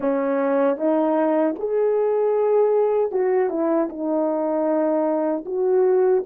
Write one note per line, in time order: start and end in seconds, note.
0.00 0.77 C#4
0.77 1.55 D#4
1.58 3.11 G#4
3.11 3.49 F#4
3.49 3.88 E4
3.89 5.44 D#4
5.45 6.23 F#4